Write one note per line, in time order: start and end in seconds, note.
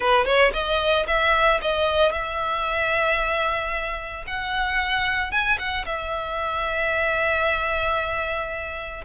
0.00 0.25 B4
0.25 0.51 C#5
0.53 1.06 D#5
1.07 1.60 E5
1.61 2.12 D#5
2.12 4.24 E5
4.26 5.31 F#5
5.31 5.58 G#5
5.58 5.85 F#5
5.86 9.04 E5